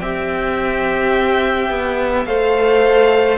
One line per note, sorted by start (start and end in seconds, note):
0.00 1.70 C4
0.00 2.27 G4
0.00 2.28 E5
0.00 2.26 G5
1.70 2.26 B3
2.26 3.38 A3
2.26 3.38 A4
2.26 3.38 C5
2.26 3.38 F5